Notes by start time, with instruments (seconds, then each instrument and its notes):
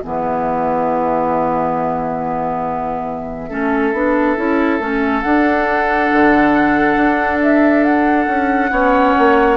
0.00 bassoon E3, clarinet B3, oboe G#4, flute E5
3.49 bassoon A3, clarinet C#4, oboe A4
3.92 bassoon B3, clarinet D4
4.37 bassoon C#4, clarinet E4
4.79 bassoon A3, clarinet C#4
5.21 bassoon D4, clarinet D4, flute F#5
6.12 bassoon D3
6.96 bassoon D4
7.43 flute E5
7.84 flute F#5
8.27 bassoon C#4
8.71 bassoon B3, clarinet C#4, oboe C#5
9.18 bassoon A#3